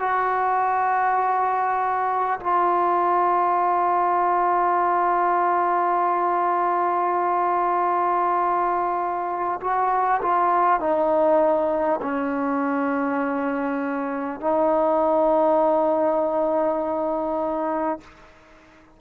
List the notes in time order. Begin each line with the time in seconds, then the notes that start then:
0.00 F#4
2.41 F4
9.61 F#4
10.22 F4
10.81 D#4
12.02 C#4
14.41 D#4